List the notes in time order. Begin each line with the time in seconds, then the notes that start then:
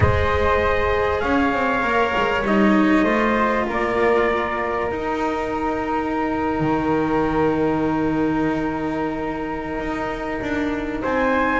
0.00 G#3 G#4 C5 D#5
1.20 C#4 C#5 F5
1.53 C4
1.82 A#3 A#4
2.16 G#3
2.42 G3 D#4 D#5
3.03 A3 F4 C5
3.67 A#3 A#4 D5
4.90 D#4 G5
6.60 D#3
9.79 D#4
10.41 D4
11.02 C4 C5 G#5